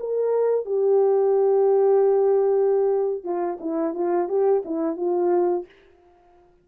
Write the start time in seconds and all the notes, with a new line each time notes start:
0.00 A#4
0.66 G4
3.24 F4
3.61 E4
3.95 F4
4.29 G4
4.66 E4
4.97 F4